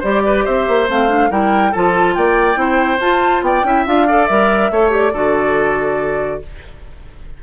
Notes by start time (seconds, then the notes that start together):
0.00 G3 G4 C5 D5
0.26 B4
0.45 C4 C5 E5
0.68 A#3
0.88 A3 C4 F5
1.08 D4
1.30 G3 E4 A#4 G5
1.72 F3 F4 A4 A5
2.15 A#3 D5 G5
2.55 C4 E4 C5
3.00 F4 A5
3.42 B3 D5 G5
3.64 C#4 E4 E5
3.86 D4 F4 F5
4.07 A4 D5
4.27 G3 A#4 E5
4.71 A3 A4 C#5
4.90 G4 D5
5.13 D3 F#4 A4